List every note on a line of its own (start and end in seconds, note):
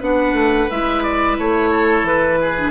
0.00 0.33 B3
0.00 0.70 D4
0.00 1.70 B4
0.00 0.71 F#5
0.33 0.67 A3
0.71 1.39 G#3
0.71 2.58 E4
0.71 1.04 E5
1.04 1.38 D5
1.39 2.04 A3
1.39 2.08 C#5
1.71 2.39 A4
2.04 2.72 E3
2.04 2.72 B4
2.42 2.72 G#4
2.58 2.72 D4